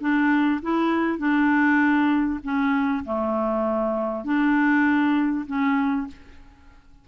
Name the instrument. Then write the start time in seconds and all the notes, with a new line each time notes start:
clarinet
0.00 D4
0.62 E4
1.18 D4
2.43 C#4
3.04 A3
4.24 D4
5.46 C#4